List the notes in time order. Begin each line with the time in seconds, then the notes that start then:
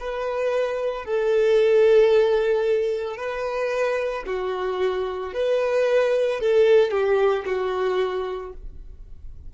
0.00 B4
1.05 A4
3.17 B4
4.26 F#4
5.33 B4
6.40 A4
6.91 G4
7.46 F#4